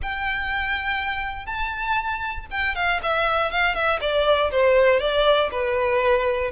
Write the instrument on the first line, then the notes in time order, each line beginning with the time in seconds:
violin
0.02 G5
1.45 A5
2.50 G5
2.75 F5
3.02 E5
3.51 F5
3.74 E5
4.00 D5
4.51 C5
5.00 D5
5.51 B4